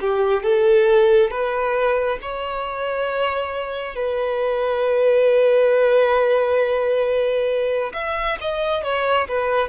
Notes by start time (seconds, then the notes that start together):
0.00 G4
0.43 A4
1.30 B4
2.21 C#5
3.95 B4
7.93 E5
8.41 D#5
8.83 C#5
9.28 B4